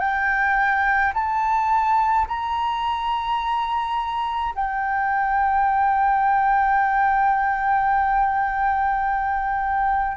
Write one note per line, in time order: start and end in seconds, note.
0.00 1.13 G5
1.14 2.27 A5
2.28 4.54 A#5
4.55 10.17 G5